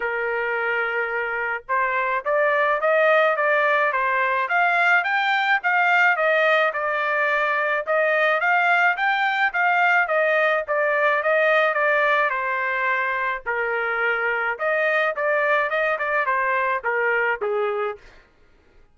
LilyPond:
\new Staff \with { instrumentName = "trumpet" } { \time 4/4 \tempo 4 = 107 ais'2. c''4 | d''4 dis''4 d''4 c''4 | f''4 g''4 f''4 dis''4 | d''2 dis''4 f''4 |
g''4 f''4 dis''4 d''4 | dis''4 d''4 c''2 | ais'2 dis''4 d''4 | dis''8 d''8 c''4 ais'4 gis'4 | }